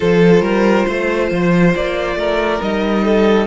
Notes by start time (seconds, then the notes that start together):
0.00 F3 F4 A4 C5
0.40 G3 A#4
0.87 A3 C5
1.31 F3
1.75 A#3 D5
2.15 A3 A#4
2.59 G3 D#4 D#5
3.04 A4